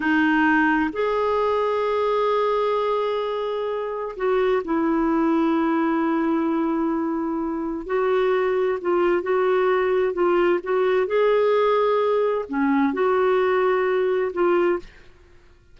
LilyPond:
\new Staff \with { instrumentName = "clarinet" } { \time 4/4 \tempo 4 = 130 dis'2 gis'2~ | gis'1~ | gis'4 fis'4 e'2~ | e'1~ |
e'4 fis'2 f'4 | fis'2 f'4 fis'4 | gis'2. cis'4 | fis'2. f'4 | }